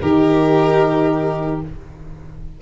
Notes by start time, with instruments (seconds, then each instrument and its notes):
0.00 tuba D#3, horn D#4, violin G4 A#4